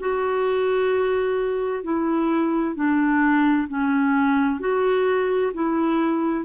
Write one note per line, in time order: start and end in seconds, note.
0.00 1.83 F#4
1.83 2.76 E4
2.76 3.68 D4
3.68 4.60 C#4
4.60 5.52 F#4
5.54 6.45 E4